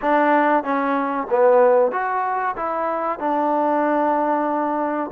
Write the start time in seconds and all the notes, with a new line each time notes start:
0.01 D4
0.63 C#4
1.29 B3
1.91 F#4
2.56 E4
3.19 D4